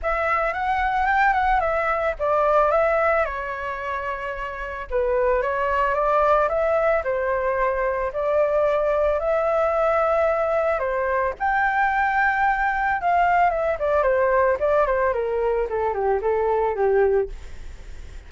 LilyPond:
\new Staff \with { instrumentName = "flute" } { \time 4/4 \tempo 4 = 111 e''4 fis''4 g''8 fis''8 e''4 | d''4 e''4 cis''2~ | cis''4 b'4 cis''4 d''4 | e''4 c''2 d''4~ |
d''4 e''2. | c''4 g''2. | f''4 e''8 d''8 c''4 d''8 c''8 | ais'4 a'8 g'8 a'4 g'4 | }